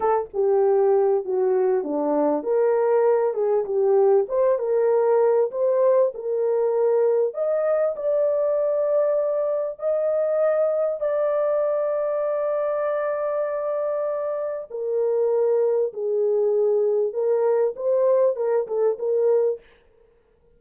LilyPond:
\new Staff \with { instrumentName = "horn" } { \time 4/4 \tempo 4 = 98 a'8 g'4. fis'4 d'4 | ais'4. gis'8 g'4 c''8 ais'8~ | ais'4 c''4 ais'2 | dis''4 d''2. |
dis''2 d''2~ | d''1 | ais'2 gis'2 | ais'4 c''4 ais'8 a'8 ais'4 | }